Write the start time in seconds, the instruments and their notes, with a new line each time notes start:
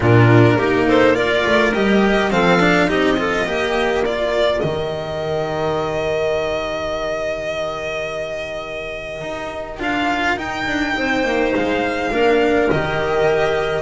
0.00 double bass A#2, cello D4, clarinet F4, violin A#4
0.56 double bass A#3, cello D#4, clarinet G4
0.87 clarinet A4, violin C5
1.14 cello F4, clarinet A#4, violin D5
1.45 double bass A3
1.74 double bass G3, cello G4, violin D#5
2.30 double bass F3, cello C4, clarinet A4, violin F5
2.59 cello D4
2.87 double bass C4, cello D#4, clarinet G4, violin D#5
3.17 cello F4, clarinet A4
3.46 double bass A#3, cello G4, clarinet A#4
4.04 cello F4, violin D5
4.60 double bass D#3, cello G4, violin D#5
9.21 double bass D#4
9.78 double bass D4, cello F4, violin F5
10.36 cello D#4, double bass D#4, violin G5
10.66 double bass D4
10.96 double bass C4, clarinet C5
11.24 double bass A#3
11.55 double bass G#3, violin F5
12.11 double bass A#3, cello D4, clarinet A#4
12.70 double bass D#3, cello G4, violin D#5